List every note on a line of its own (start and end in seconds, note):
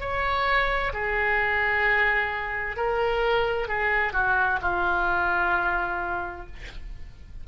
0.00 0.92 C#5
0.93 2.77 G#4
2.77 3.68 A#4
3.68 4.13 G#4
4.13 4.59 F#4
4.62 6.46 F4